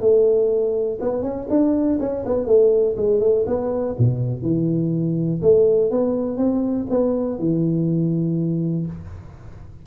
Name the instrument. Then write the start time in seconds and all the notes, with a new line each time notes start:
tuba
0.00 A3
1.00 B3
1.22 C#4
1.50 D4
2.00 C#4
2.25 B3
2.46 A3
2.96 G#3
3.20 A3
3.46 B3
3.98 B2
4.42 E3
5.42 A3
5.90 B3
6.37 C4
6.90 B3
7.39 E3